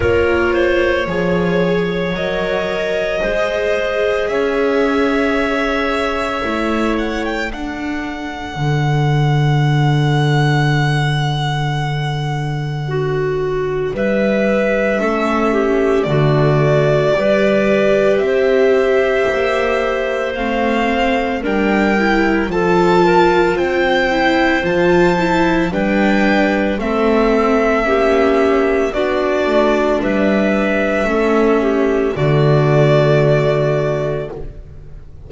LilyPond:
<<
  \new Staff \with { instrumentName = "violin" } { \time 4/4 \tempo 4 = 56 cis''2 dis''2 | e''2~ e''8 fis''16 g''16 fis''4~ | fis''1~ | fis''4 e''2 d''4~ |
d''4 e''2 f''4 | g''4 a''4 g''4 a''4 | g''4 e''2 d''4 | e''2 d''2 | }
  \new Staff \with { instrumentName = "clarinet" } { \time 4/4 ais'8 c''8 cis''2 c''4 | cis''2. a'4~ | a'1 | fis'4 b'4 a'8 g'8 fis'4 |
b'4 c''2. | ais'4 a'8 ais'8 c''2 | b'4 a'4 g'4 fis'4 | b'4 a'8 g'8 fis'2 | }
  \new Staff \with { instrumentName = "viola" } { \time 4/4 f'4 gis'4 ais'4 gis'4~ | gis'2 e'4 d'4~ | d'1~ | d'2 cis'4 a4 |
g'2. c'4 | d'8 e'8 f'4. e'8 f'8 e'8 | d'4 c'4 cis'4 d'4~ | d'4 cis'4 a2 | }
  \new Staff \with { instrumentName = "double bass" } { \time 4/4 ais4 f4 fis4 gis4 | cis'2 a4 d'4 | d1~ | d4 g4 a4 d4 |
g4 c'4 ais4 a4 | g4 f4 c'4 f4 | g4 a4 ais4 b8 a8 | g4 a4 d2 | }
>>